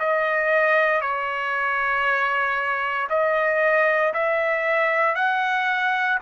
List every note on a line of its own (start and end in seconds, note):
0.00 1.02 D#5
1.02 3.08 C#5
3.10 4.13 D#5
4.14 5.15 E5
5.15 6.19 F#5